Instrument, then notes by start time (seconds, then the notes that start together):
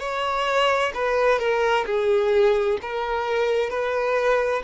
violin
0.00 C#5
0.94 B4
1.39 A#4
1.86 G#4
2.82 A#4
3.70 B4